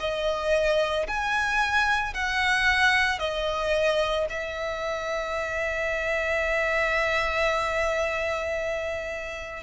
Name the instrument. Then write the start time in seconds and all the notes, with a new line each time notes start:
violin
0.00 D#5
1.08 G#5
2.14 F#5
3.19 D#5
4.30 E5